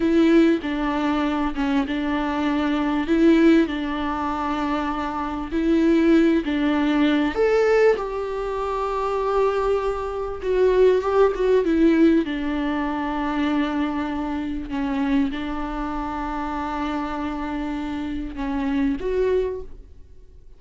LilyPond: \new Staff \with { instrumentName = "viola" } { \time 4/4 \tempo 4 = 98 e'4 d'4. cis'8 d'4~ | d'4 e'4 d'2~ | d'4 e'4. d'4. | a'4 g'2.~ |
g'4 fis'4 g'8 fis'8 e'4 | d'1 | cis'4 d'2.~ | d'2 cis'4 fis'4 | }